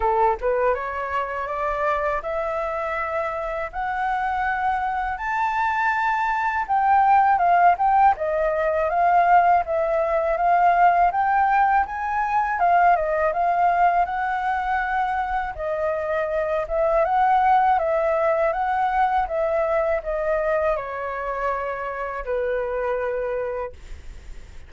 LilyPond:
\new Staff \with { instrumentName = "flute" } { \time 4/4 \tempo 4 = 81 a'8 b'8 cis''4 d''4 e''4~ | e''4 fis''2 a''4~ | a''4 g''4 f''8 g''8 dis''4 | f''4 e''4 f''4 g''4 |
gis''4 f''8 dis''8 f''4 fis''4~ | fis''4 dis''4. e''8 fis''4 | e''4 fis''4 e''4 dis''4 | cis''2 b'2 | }